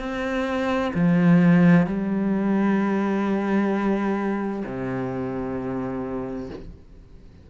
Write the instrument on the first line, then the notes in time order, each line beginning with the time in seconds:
cello
0.00 C4
0.95 F3
1.87 G3
4.66 C3